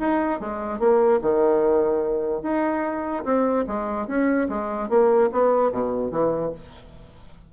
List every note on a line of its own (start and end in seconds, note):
0.00 0.40 D#4
0.40 0.80 G#3
0.80 1.20 A#3
1.22 2.43 D#3
2.43 3.24 D#4
3.25 3.66 C4
3.68 4.08 G#3
4.08 4.49 C#4
4.50 4.90 G#3
4.90 5.31 A#3
5.32 5.72 B3
5.72 6.12 B2
6.12 6.53 E3